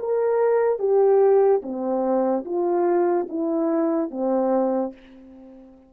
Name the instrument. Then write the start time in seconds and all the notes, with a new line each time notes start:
horn
0.00 A#4
0.80 G4
1.63 C4
2.45 F4
3.30 E4
4.11 C4